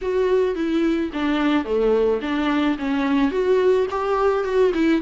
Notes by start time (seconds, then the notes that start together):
0.02 F#4
0.55 E4
1.13 D4
1.64 A3
2.21 D4
2.78 C#4
3.31 F#4
3.90 G4
4.44 F#4
4.73 E4